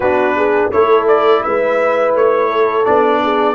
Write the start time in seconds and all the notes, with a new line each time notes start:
0.00 B3 D4 F#4 B4
0.36 G#4
0.71 A3 E4 A4 C#5
1.07 D5
1.43 G#3 B4 E5
2.14 A3 C#5
2.49 A4
2.84 B3 D4 D5
3.23 G#4